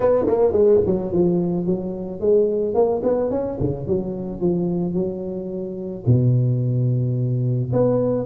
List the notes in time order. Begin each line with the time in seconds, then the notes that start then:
0.00 B3
0.26 A#3
0.52 G#3
0.85 F#3
1.12 F3
1.65 F#3
2.20 G#3
2.74 A#3
3.03 B3
3.30 C#4
3.59 C#3
3.87 F#3
4.40 F3
4.93 F#3
6.06 B2
7.72 B3